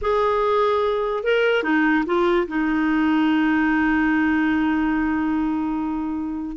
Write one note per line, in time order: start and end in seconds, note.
0.01 1.23 G#4
1.23 1.63 A#4
1.63 2.04 D#4
2.05 2.47 F4
2.47 6.57 D#4